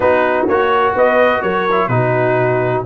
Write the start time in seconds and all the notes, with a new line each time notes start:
0.00 B3 D#4 F#4 B4
0.48 A#3 F#4 C#5
0.94 B3 B4 D#5
1.42 F#3 A#4 C#5
1.71 E4
1.88 B2 D#4 F#4 B4